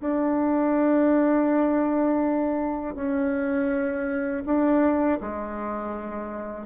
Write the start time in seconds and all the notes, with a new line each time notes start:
0.00 D4
2.95 C#4
4.45 D4
5.20 G#3